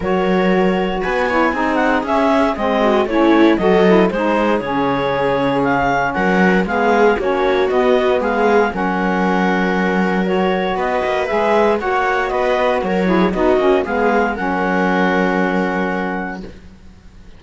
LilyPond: <<
  \new Staff \with { instrumentName = "clarinet" } { \time 4/4 \tempo 4 = 117 cis''2 gis''4. fis''8 | e''4 dis''4 cis''4 dis''4 | c''4 cis''2 f''4 | fis''4 f''4 cis''4 dis''4 |
f''4 fis''2. | cis''4 dis''4 e''4 fis''4 | dis''4 cis''4 dis''4 f''4 | fis''1 | }
  \new Staff \with { instrumentName = "viola" } { \time 4/4 ais'2 b'8 cis''8 gis'4~ | gis'4. fis'8 e'4 a'4 | gis'1 | ais'4 gis'4 fis'2 |
gis'4 ais'2.~ | ais'4 b'2 cis''4 | b'4 ais'8 gis'8 fis'4 gis'4 | ais'1 | }
  \new Staff \with { instrumentName = "saxophone" } { \time 4/4 fis'2~ fis'8 e'8 dis'4 | cis'4 c'4 cis'4 fis'8 e'8 | dis'4 cis'2.~ | cis'4 b4 cis'4 b4~ |
b4 cis'2. | fis'2 gis'4 fis'4~ | fis'4. e'8 dis'8 cis'8 b4 | cis'1 | }
  \new Staff \with { instrumentName = "cello" } { \time 4/4 fis2 b4 c'4 | cis'4 gis4 a4 fis4 | gis4 cis2. | fis4 gis4 ais4 b4 |
gis4 fis2.~ | fis4 b8 ais8 gis4 ais4 | b4 fis4 b8 ais8 gis4 | fis1 | }
>>